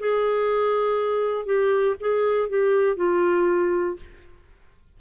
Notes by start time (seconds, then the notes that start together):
0.00 G#4
1.46 G4
2.00 G#4
2.49 G4
2.97 F4